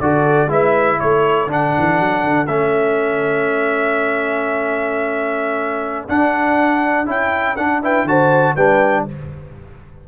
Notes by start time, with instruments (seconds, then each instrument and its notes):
0.00 tuba D3, trombone F#4, horn A4, trumpet D5
0.47 tuba G#3, trombone E4, horn B4, trumpet E5
1.00 tuba A3, horn A4, trumpet C#5
1.47 tuba D3, trombone D4, trumpet F#5
1.78 tuba E3
1.99 tuba F#3
2.24 tuba D3
2.46 tuba A3, trombone C#4, trumpet E5
6.08 tuba D4, trombone D4, trumpet F#5
7.06 tuba C#4, trombone E4, trumpet G5
7.56 tuba D4, trombone D4, trumpet F#5
7.82 trombone E4, horn B4, trumpet G5
8.04 tuba D3, trombone F#4, horn C5, trumpet A5
8.55 tuba G3, trombone D4, horn B4, trumpet G5